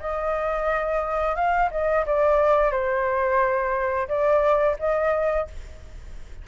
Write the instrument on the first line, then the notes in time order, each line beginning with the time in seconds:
flute
0.00 D#5
1.36 F5
1.71 D#5
2.06 D5
2.72 C5
4.08 D5
4.79 D#5